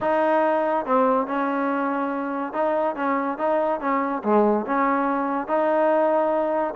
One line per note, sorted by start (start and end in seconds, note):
0.01 0.85 D#4
0.85 1.27 C4
1.27 2.53 C#4
2.53 2.95 D#4
2.95 3.37 C#4
3.38 3.80 D#4
3.80 4.22 C#4
4.23 4.65 G#3
4.66 5.47 C#4
5.47 6.74 D#4